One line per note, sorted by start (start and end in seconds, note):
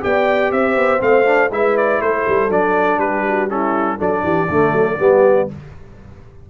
0.00 0.51 B3
0.00 0.99 G4
0.00 0.53 D5
0.00 0.51 G5
0.51 0.76 C4
0.51 1.53 C5
0.51 1.01 E5
0.76 1.01 B3
0.99 1.51 A3
0.99 1.24 C4
0.99 1.51 F5
1.24 1.49 D4
1.51 2.00 G#3
1.51 2.49 E4
1.51 2.02 B4
1.51 1.76 E5
1.76 2.01 D5
2.01 2.25 A3
2.01 3.00 A4
2.01 2.50 C5
2.27 2.49 G3
2.49 2.97 F#3
2.49 3.48 D4
2.49 2.99 D5
2.97 3.96 G3
2.97 3.25 G4
2.97 3.48 B4
3.26 3.50 F#4
3.48 3.97 C#4
3.48 3.97 E4
3.48 3.99 A4
3.97 4.23 F#3
3.97 4.47 D4
3.97 4.22 A4
3.97 5.49 D5
4.23 4.48 E3
4.23 4.49 G4
4.49 4.72 D3
4.49 4.98 A3
4.49 4.98 A4
4.72 4.96 F#3
4.98 5.49 G3
4.98 5.48 B3
4.98 5.48 G4